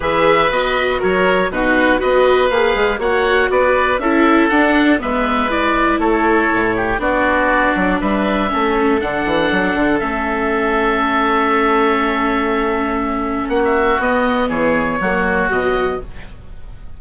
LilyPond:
<<
  \new Staff \with { instrumentName = "oboe" } { \time 4/4 \tempo 4 = 120 e''4 dis''4 cis''4 b'4 | dis''4 f''4 fis''4 d''4 | e''4 fis''4 e''4 d''4 | cis''2 d''2 |
e''2 fis''2 | e''1~ | e''2. fis''16 e''8. | dis''4 cis''2 dis''4 | }
  \new Staff \with { instrumentName = "oboe" } { \time 4/4 b'2 ais'4 fis'4 | b'2 cis''4 b'4 | a'2 b'2 | a'4. g'8 fis'2 |
b'4 a'2.~ | a'1~ | a'2. fis'4~ | fis'4 gis'4 fis'2 | }
  \new Staff \with { instrumentName = "viola" } { \time 4/4 gis'4 fis'2 dis'4 | fis'4 gis'4 fis'2 | e'4 d'4 b4 e'4~ | e'2 d'2~ |
d'4 cis'4 d'2 | cis'1~ | cis'1 | b2 ais4 fis4 | }
  \new Staff \with { instrumentName = "bassoon" } { \time 4/4 e4 b4 fis4 b,4 | b4 ais8 gis8 ais4 b4 | cis'4 d'4 gis2 | a4 a,4 b4. fis8 |
g4 a4 d8 e8 fis8 d8 | a1~ | a2. ais4 | b4 e4 fis4 b,4 | }
>>